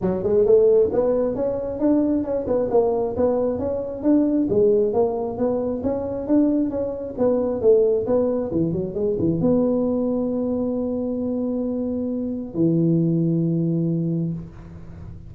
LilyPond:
\new Staff \with { instrumentName = "tuba" } { \time 4/4 \tempo 4 = 134 fis8 gis8 a4 b4 cis'4 | d'4 cis'8 b8 ais4 b4 | cis'4 d'4 gis4 ais4 | b4 cis'4 d'4 cis'4 |
b4 a4 b4 e8 fis8 | gis8 e8 b2.~ | b1 | e1 | }